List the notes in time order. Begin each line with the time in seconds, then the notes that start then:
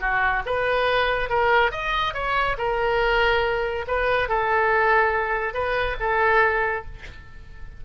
0.00 F#4
0.45 B4
1.29 A#4
1.71 D#5
2.14 C#5
2.58 A#4
3.87 B4
4.28 A4
5.54 B4
6.00 A4